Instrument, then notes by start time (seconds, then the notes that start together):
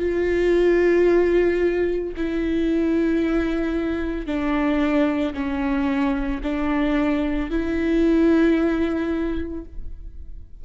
viola
0.00 F4
2.17 E4
4.27 D4
5.34 C#4
6.43 D4
7.50 E4